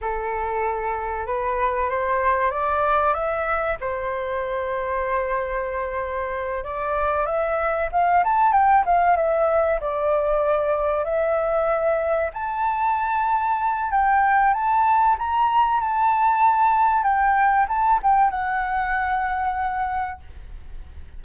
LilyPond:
\new Staff \with { instrumentName = "flute" } { \time 4/4 \tempo 4 = 95 a'2 b'4 c''4 | d''4 e''4 c''2~ | c''2~ c''8 d''4 e''8~ | e''8 f''8 a''8 g''8 f''8 e''4 d''8~ |
d''4. e''2 a''8~ | a''2 g''4 a''4 | ais''4 a''2 g''4 | a''8 g''8 fis''2. | }